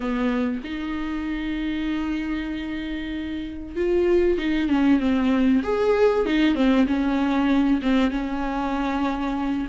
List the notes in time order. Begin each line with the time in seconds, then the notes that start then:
0.00 B3
0.64 D#4
3.76 F4
4.38 D#4
4.69 C#4
5.00 C4
5.62 G#4
6.25 D#4
6.55 C4
6.86 C#4
7.82 C4
8.11 C#4